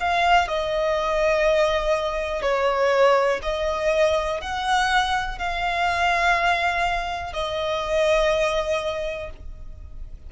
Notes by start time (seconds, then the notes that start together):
0.00 F5
0.48 D#5
2.42 C#5
3.42 D#5
4.41 F#5
5.38 F5
7.33 D#5